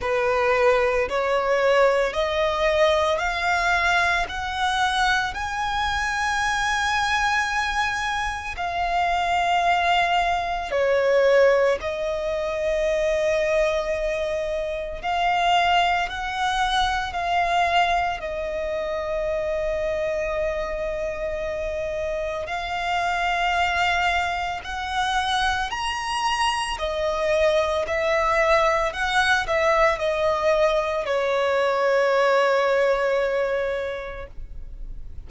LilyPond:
\new Staff \with { instrumentName = "violin" } { \time 4/4 \tempo 4 = 56 b'4 cis''4 dis''4 f''4 | fis''4 gis''2. | f''2 cis''4 dis''4~ | dis''2 f''4 fis''4 |
f''4 dis''2.~ | dis''4 f''2 fis''4 | ais''4 dis''4 e''4 fis''8 e''8 | dis''4 cis''2. | }